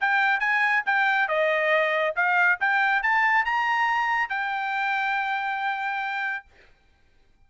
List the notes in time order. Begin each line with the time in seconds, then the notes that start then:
0.00 G5
0.40 G#5
0.86 G5
1.28 D#5
2.15 F5
2.60 G5
3.02 A5
3.45 A#5
4.29 G5